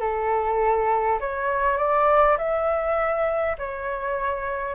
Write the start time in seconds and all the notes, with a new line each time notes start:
0.00 A4
1.20 C#5
1.77 D5
2.37 E5
3.58 C#5